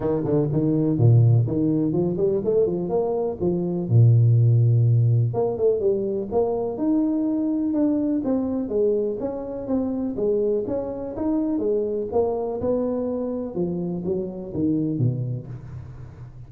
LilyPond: \new Staff \with { instrumentName = "tuba" } { \time 4/4 \tempo 4 = 124 dis8 d8 dis4 ais,4 dis4 | f8 g8 a8 f8 ais4 f4 | ais,2. ais8 a8 | g4 ais4 dis'2 |
d'4 c'4 gis4 cis'4 | c'4 gis4 cis'4 dis'4 | gis4 ais4 b2 | f4 fis4 dis4 b,4 | }